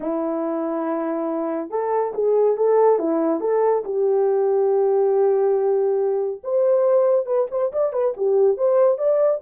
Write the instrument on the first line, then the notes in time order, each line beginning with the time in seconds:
horn
0.00 E4
1.70 A4
2.14 G#4
2.56 A4
2.98 E4
3.40 A4
3.84 G4
6.43 C5
7.25 B4
7.50 C5
7.72 D5
7.92 B4
8.16 G4
8.57 C5
8.98 D5